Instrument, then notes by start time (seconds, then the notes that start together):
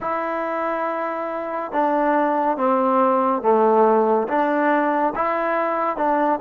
trombone
0.00 E4
1.71 D4
2.57 C4
3.42 A3
4.27 D4
5.15 E4
5.96 D4